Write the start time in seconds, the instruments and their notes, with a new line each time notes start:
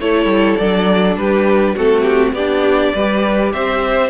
0.00 cello A3, viola E4, violin A4 C#5
0.25 cello G3
0.57 cello F#3, viola D4, violin D5
1.16 cello G3, violin G4 B4
1.75 cello A3, viola C4, violin F#4 A4
2.02 violin G4
2.32 cello B3, viola D4, violin G4 D5
2.94 cello G3, viola G4, violin B4
3.53 cello C4, violin C5 E5